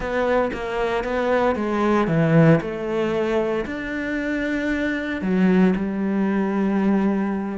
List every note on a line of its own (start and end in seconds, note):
0.00 0.51 B3
0.53 1.04 A#3
1.04 1.55 B3
1.55 2.07 G#3
2.07 2.59 E3
2.60 3.65 A3
3.65 5.21 D4
5.21 5.73 F#3
5.75 7.58 G3